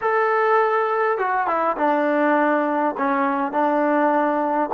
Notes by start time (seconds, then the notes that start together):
0.01 A4
1.18 F#4
1.47 E4
1.77 D4
2.97 C#4
3.52 D4